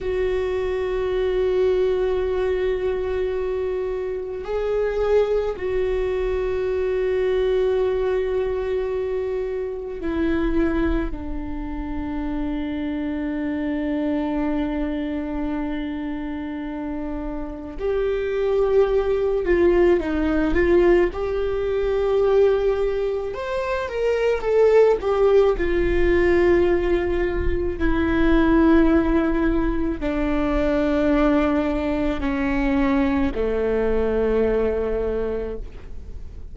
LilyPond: \new Staff \with { instrumentName = "viola" } { \time 4/4 \tempo 4 = 54 fis'1 | gis'4 fis'2.~ | fis'4 e'4 d'2~ | d'1 |
g'4. f'8 dis'8 f'8 g'4~ | g'4 c''8 ais'8 a'8 g'8 f'4~ | f'4 e'2 d'4~ | d'4 cis'4 a2 | }